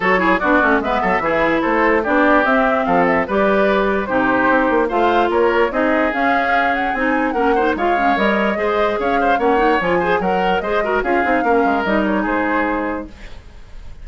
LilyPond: <<
  \new Staff \with { instrumentName = "flute" } { \time 4/4 \tempo 4 = 147 cis''4 d''4 e''2 | c''4 d''4 e''4 f''8 e''8 | d''2 c''2 | f''4 cis''4 dis''4 f''4~ |
f''8 fis''8 gis''4 fis''4 f''4 | dis''2 f''4 fis''4 | gis''4 fis''4 dis''4 f''4~ | f''4 dis''8 cis''8 c''2 | }
  \new Staff \with { instrumentName = "oboe" } { \time 4/4 a'8 gis'8 fis'4 b'8 a'8 gis'4 | a'4 g'2 a'4 | b'2 g'2 | c''4 ais'4 gis'2~ |
gis'2 ais'8 c''8 cis''4~ | cis''4 c''4 cis''8 c''8 cis''4~ | cis''8 c''8 ais'4 c''8 ais'8 gis'4 | ais'2 gis'2 | }
  \new Staff \with { instrumentName = "clarinet" } { \time 4/4 fis'8 e'8 d'8 cis'8 b4 e'4~ | e'4 d'4 c'2 | g'2 dis'2 | f'2 dis'4 cis'4~ |
cis'4 dis'4 cis'8 dis'8 f'8 cis'8 | ais'4 gis'2 cis'8 dis'8 | f'8 gis'8 ais'4 gis'8 fis'8 f'8 dis'8 | cis'4 dis'2. | }
  \new Staff \with { instrumentName = "bassoon" } { \time 4/4 fis4 b8 a8 gis8 fis8 e4 | a4 b4 c'4 f4 | g2 c4 c'8 ais8 | a4 ais4 c'4 cis'4~ |
cis'4 c'4 ais4 gis4 | g4 gis4 cis'4 ais4 | f4 fis4 gis4 cis'8 c'8 | ais8 gis8 g4 gis2 | }
>>